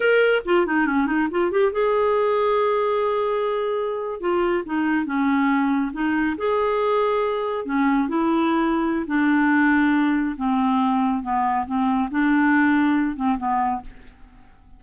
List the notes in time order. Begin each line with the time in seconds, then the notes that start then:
0.00 A#4
0.45 F4
0.66 D#4
0.86 C#4
1.06 D#4
1.31 F4
1.51 G4
1.72 G#4
4.20 F4
4.65 D#4
5.05 C#4
5.92 D#4
6.37 G#4
7.65 C#4
8.08 E4
9.06 D4
10.36 C4
11.22 B3
11.66 C4
12.10 D4
13.16 C4
13.38 B3